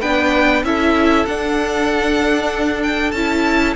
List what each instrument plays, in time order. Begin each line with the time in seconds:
0.00 cello B3, viola D4, violin B4 G5
0.63 cello C#4, viola E4, violin A4 E5
1.25 cello D4, viola D4, violin F#5
2.83 violin G5
3.11 cello C#4, viola E4, violin A5